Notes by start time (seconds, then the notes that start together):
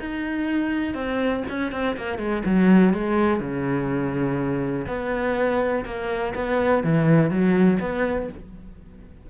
0.00 D#4
0.94 C4
1.49 C#4
1.72 C4
1.97 A#3
2.18 G#3
2.45 F#3
2.93 G#3
3.40 C#3
4.87 B3
5.85 A#3
6.35 B3
6.84 E3
7.30 F#3
7.80 B3